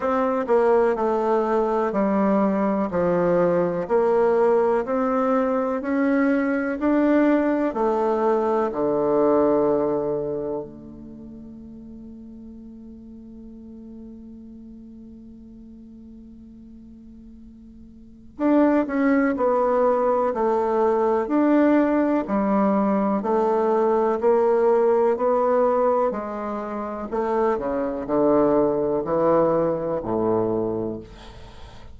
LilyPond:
\new Staff \with { instrumentName = "bassoon" } { \time 4/4 \tempo 4 = 62 c'8 ais8 a4 g4 f4 | ais4 c'4 cis'4 d'4 | a4 d2 a4~ | a1~ |
a2. d'8 cis'8 | b4 a4 d'4 g4 | a4 ais4 b4 gis4 | a8 cis8 d4 e4 a,4 | }